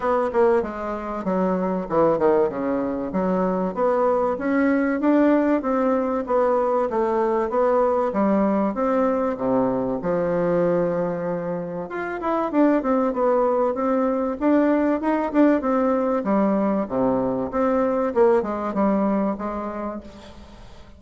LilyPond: \new Staff \with { instrumentName = "bassoon" } { \time 4/4 \tempo 4 = 96 b8 ais8 gis4 fis4 e8 dis8 | cis4 fis4 b4 cis'4 | d'4 c'4 b4 a4 | b4 g4 c'4 c4 |
f2. f'8 e'8 | d'8 c'8 b4 c'4 d'4 | dis'8 d'8 c'4 g4 c4 | c'4 ais8 gis8 g4 gis4 | }